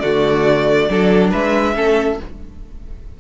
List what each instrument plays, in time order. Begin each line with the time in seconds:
0.00 cello D3, viola A3, violin F#4 D5
0.90 cello F#3, viola D4, violin A4
1.31 cello G#3, violin B4 E5
1.75 cello A3, viola C#4, violin A4